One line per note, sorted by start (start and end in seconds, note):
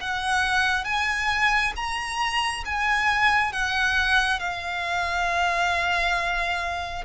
0.00 0.84 F#5
0.84 1.72 G#5
1.76 2.64 A#5
2.65 3.52 G#5
3.52 4.40 F#5
4.40 7.04 F5